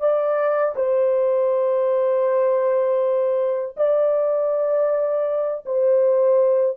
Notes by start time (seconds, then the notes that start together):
0.00 D5
0.76 C5
3.77 D5
5.66 C5